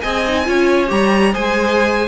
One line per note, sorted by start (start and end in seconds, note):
0.00 0.48 C4
0.00 0.24 G#4
0.00 0.45 D#5
0.00 0.88 G#5
0.27 0.44 D#4
0.44 0.91 C#4
0.44 0.87 F4
0.44 1.33 C#5
0.87 1.34 G3
0.87 1.31 G4
0.87 1.34 A#5
1.32 2.07 G#3
1.32 2.07 G#4
1.32 2.07 C5
1.32 2.07 G#5